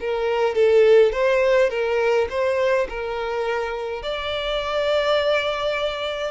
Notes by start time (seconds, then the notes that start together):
0.00 A#4
0.55 A4
1.12 C5
1.70 A#4
2.30 C5
2.89 A#4
4.03 D5